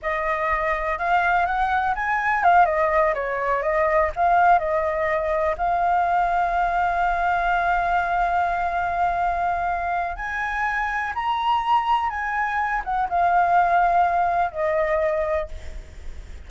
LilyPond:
\new Staff \with { instrumentName = "flute" } { \time 4/4 \tempo 4 = 124 dis''2 f''4 fis''4 | gis''4 f''8 dis''4 cis''4 dis''8~ | dis''8 f''4 dis''2 f''8~ | f''1~ |
f''1~ | f''4 gis''2 ais''4~ | ais''4 gis''4. fis''8 f''4~ | f''2 dis''2 | }